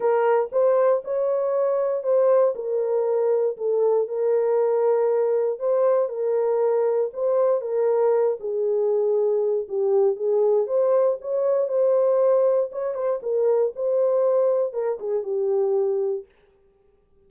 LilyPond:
\new Staff \with { instrumentName = "horn" } { \time 4/4 \tempo 4 = 118 ais'4 c''4 cis''2 | c''4 ais'2 a'4 | ais'2. c''4 | ais'2 c''4 ais'4~ |
ais'8 gis'2~ gis'8 g'4 | gis'4 c''4 cis''4 c''4~ | c''4 cis''8 c''8 ais'4 c''4~ | c''4 ais'8 gis'8 g'2 | }